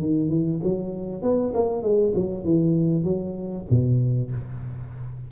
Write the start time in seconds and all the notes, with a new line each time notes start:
0.00 D#3
0.30 E3
0.63 F#3
1.22 B3
1.54 A#3
1.83 G#3
2.15 F#3
2.44 E3
3.04 F#3
3.70 B2